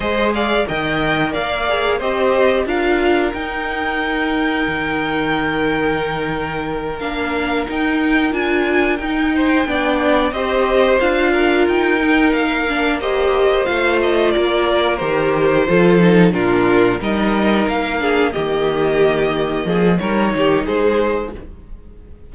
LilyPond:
<<
  \new Staff \with { instrumentName = "violin" } { \time 4/4 \tempo 4 = 90 dis''8 f''8 g''4 f''4 dis''4 | f''4 g''2.~ | g''2~ g''8 f''4 g''8~ | g''8 gis''4 g''2 dis''8~ |
dis''8 f''4 g''4 f''4 dis''8~ | dis''8 f''8 dis''8 d''4 c''4.~ | c''8 ais'4 dis''4 f''4 dis''8~ | dis''2 cis''4 c''4 | }
  \new Staff \with { instrumentName = "violin" } { \time 4/4 c''8 d''8 dis''4 d''4 c''4 | ais'1~ | ais'1~ | ais'2 c''8 d''4 c''8~ |
c''4 ais'2~ ais'8 c''8~ | c''4. ais'2 a'8~ | a'8 f'4 ais'4. gis'8 g'8~ | g'4. gis'8 ais'8 g'8 gis'4 | }
  \new Staff \with { instrumentName = "viola" } { \time 4/4 gis'4 ais'4. gis'8 g'4 | f'4 dis'2.~ | dis'2~ dis'8 d'4 dis'8~ | dis'8 f'4 dis'4 d'4 g'8~ |
g'8 f'4. dis'4 d'8 g'8~ | g'8 f'2 g'4 f'8 | dis'8 d'4 dis'4. d'8 ais8~ | ais2 dis'2 | }
  \new Staff \with { instrumentName = "cello" } { \time 4/4 gis4 dis4 ais4 c'4 | d'4 dis'2 dis4~ | dis2~ dis8 ais4 dis'8~ | dis'8 d'4 dis'4 b4 c'8~ |
c'8 d'4 dis'4 ais4.~ | ais8 a4 ais4 dis4 f8~ | f8 ais,4 g4 ais4 dis8~ | dis4. f8 g8 dis8 gis4 | }
>>